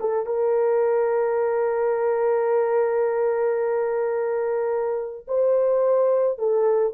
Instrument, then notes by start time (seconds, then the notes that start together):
horn
0.00 A4
0.26 A#4
5.27 C5
6.38 A4